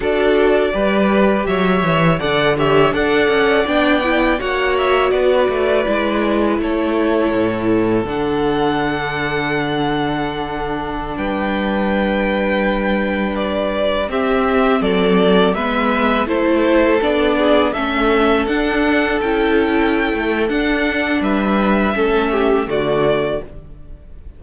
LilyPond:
<<
  \new Staff \with { instrumentName = "violin" } { \time 4/4 \tempo 4 = 82 d''2 e''4 fis''8 e''8 | fis''4 g''4 fis''8 e''8 d''4~ | d''4 cis''2 fis''4~ | fis''2.~ fis''16 g''8.~ |
g''2~ g''16 d''4 e''8.~ | e''16 d''4 e''4 c''4 d''8.~ | d''16 e''4 fis''4 g''4.~ g''16 | fis''4 e''2 d''4 | }
  \new Staff \with { instrumentName = "violin" } { \time 4/4 a'4 b'4 cis''4 d''8 cis''8 | d''2 cis''4 b'4~ | b'4 a'2.~ | a'2.~ a'16 b'8.~ |
b'2.~ b'16 g'8.~ | g'16 a'4 b'4 a'4. gis'16~ | gis'16 a'2.~ a'8.~ | a'4 b'4 a'8 g'8 fis'4 | }
  \new Staff \with { instrumentName = "viola" } { \time 4/4 fis'4 g'2 a'8 g'8 | a'4 d'8 e'8 fis'2 | e'2. d'4~ | d'1~ |
d'2.~ d'16 c'8.~ | c'4~ c'16 b4 e'4 d'8.~ | d'16 cis'4 d'4 e'4.~ e'16 | d'2 cis'4 a4 | }
  \new Staff \with { instrumentName = "cello" } { \time 4/4 d'4 g4 fis8 e8 d4 | d'8 cis'8 b4 ais4 b8 a8 | gis4 a4 a,4 d4~ | d2.~ d16 g8.~ |
g2.~ g16 c'8.~ | c'16 fis4 gis4 a4 b8.~ | b16 a4 d'4 cis'4~ cis'16 a8 | d'4 g4 a4 d4 | }
>>